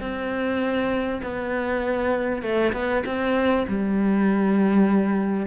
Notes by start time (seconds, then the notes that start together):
0.00 C4
1.22 B3
2.42 A3
2.73 B3
3.06 C4
3.67 G3